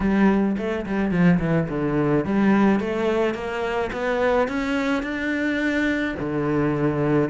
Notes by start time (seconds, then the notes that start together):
0.00 G3
0.57 A3
0.86 G3
1.11 F3
1.39 E3
1.68 D3
2.25 G3
2.80 A3
3.34 A#3
3.92 B3
4.48 C#4
5.02 D4
6.19 D3